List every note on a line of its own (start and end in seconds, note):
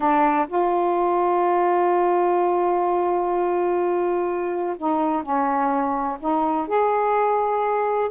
0.00 0.46 D4
0.48 4.76 F4
4.77 5.22 D#4
5.22 6.18 C#4
6.19 6.67 D#4
6.67 8.10 G#4